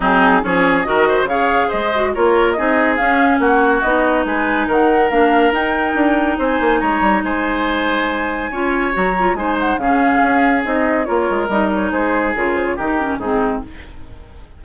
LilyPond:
<<
  \new Staff \with { instrumentName = "flute" } { \time 4/4 \tempo 4 = 141 gis'4 cis''4 dis''4 f''4 | dis''4 cis''4 dis''4 f''4 | fis''4 dis''4 gis''4 fis''4 | f''4 g''2 gis''4 |
ais''4 gis''2.~ | gis''4 ais''4 gis''8 fis''8 f''4~ | f''4 dis''4 cis''4 dis''8 cis''8 | c''4 ais'8 c''16 cis''16 ais'4 gis'4 | }
  \new Staff \with { instrumentName = "oboe" } { \time 4/4 dis'4 gis'4 ais'8 c''8 cis''4 | c''4 ais'4 gis'2 | fis'2 b'4 ais'4~ | ais'2. c''4 |
cis''4 c''2. | cis''2 c''4 gis'4~ | gis'2 ais'2 | gis'2 g'4 dis'4 | }
  \new Staff \with { instrumentName = "clarinet" } { \time 4/4 c'4 cis'4 fis'4 gis'4~ | gis'8 fis'8 f'4 dis'4 cis'4~ | cis'4 dis'2. | d'4 dis'2.~ |
dis'1 | f'4 fis'8 f'8 dis'4 cis'4~ | cis'4 dis'4 f'4 dis'4~ | dis'4 f'4 dis'8 cis'8 c'4 | }
  \new Staff \with { instrumentName = "bassoon" } { \time 4/4 fis4 f4 dis4 cis4 | gis4 ais4 c'4 cis'4 | ais4 b4 gis4 dis4 | ais4 dis'4 d'4 c'8 ais8 |
gis8 g8 gis2. | cis'4 fis4 gis4 cis4 | cis'4 c'4 ais8 gis8 g4 | gis4 cis4 dis4 gis,4 | }
>>